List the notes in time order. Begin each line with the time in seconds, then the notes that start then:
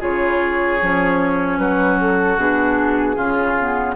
0.00 C#3 F4 G#4 C#5
0.82 F3 C#4
1.58 F#3 F#4 B4
2.00 A4
2.37 B2 D4 G#4
3.16 C#3 C#4 F4
3.60 B3